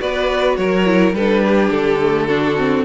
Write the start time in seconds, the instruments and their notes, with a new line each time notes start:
0.00 cello B3, viola F#4, violin B4 D5
0.56 cello F#3, violin A#4 C#5
0.86 viola E4
1.13 cello G3, violin A4 B4
1.20 viola D4
1.44 violin G4
1.71 cello D3, violin A4
2.01 viola A3
2.27 viola D4, violin F#4
2.57 viola C4